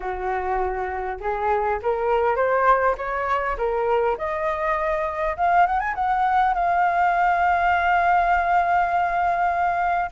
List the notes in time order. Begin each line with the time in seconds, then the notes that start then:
0.00 F#4
1.20 G#4
1.82 A#4
2.36 C5
2.97 C#5
3.57 A#4
4.17 D#5
5.36 F5
5.66 F#5
5.79 G#5
5.94 F#5
6.54 F5